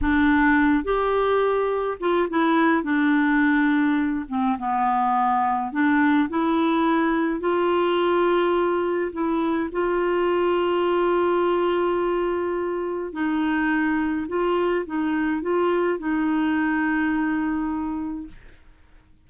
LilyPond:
\new Staff \with { instrumentName = "clarinet" } { \time 4/4 \tempo 4 = 105 d'4. g'2 f'8 | e'4 d'2~ d'8 c'8 | b2 d'4 e'4~ | e'4 f'2. |
e'4 f'2.~ | f'2. dis'4~ | dis'4 f'4 dis'4 f'4 | dis'1 | }